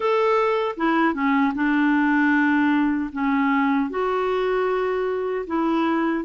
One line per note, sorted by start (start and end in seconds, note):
0.00 0.75 A4
0.76 1.14 E4
1.14 1.53 C#4
1.54 3.10 D4
3.12 3.90 C#4
3.90 5.45 F#4
5.46 6.24 E4